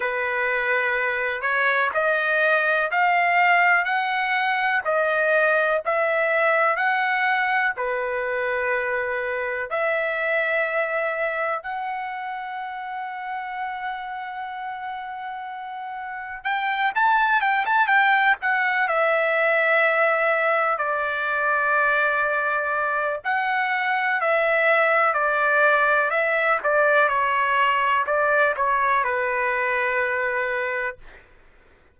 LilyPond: \new Staff \with { instrumentName = "trumpet" } { \time 4/4 \tempo 4 = 62 b'4. cis''8 dis''4 f''4 | fis''4 dis''4 e''4 fis''4 | b'2 e''2 | fis''1~ |
fis''4 g''8 a''8 g''16 a''16 g''8 fis''8 e''8~ | e''4. d''2~ d''8 | fis''4 e''4 d''4 e''8 d''8 | cis''4 d''8 cis''8 b'2 | }